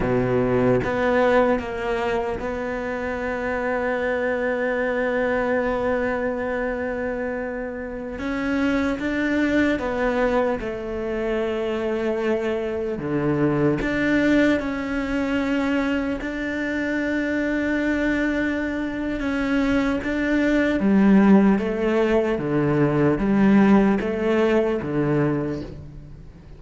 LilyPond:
\new Staff \with { instrumentName = "cello" } { \time 4/4 \tempo 4 = 75 b,4 b4 ais4 b4~ | b1~ | b2~ b16 cis'4 d'8.~ | d'16 b4 a2~ a8.~ |
a16 d4 d'4 cis'4.~ cis'16~ | cis'16 d'2.~ d'8. | cis'4 d'4 g4 a4 | d4 g4 a4 d4 | }